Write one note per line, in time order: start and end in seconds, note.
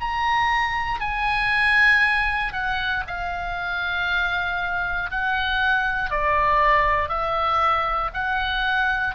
0.00 1.00 A#5
1.00 2.52 G#5
2.52 3.03 F#5
3.06 5.10 F5
5.10 6.10 F#5
6.10 7.08 D5
7.08 8.10 E5
8.13 9.15 F#5